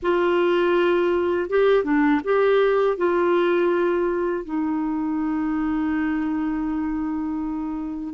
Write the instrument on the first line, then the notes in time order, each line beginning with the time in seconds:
clarinet
0.02 F4
1.49 G4
1.84 D4
2.24 G4
2.97 F4
4.44 D#4